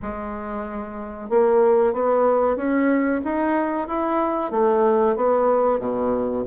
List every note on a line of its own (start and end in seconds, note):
0.01 1.29 G#3
1.29 1.93 A#3
1.93 2.56 B3
2.56 3.21 C#4
3.24 3.87 D#4
3.87 4.51 E4
4.51 5.16 A3
5.16 5.79 B3
5.79 6.44 B2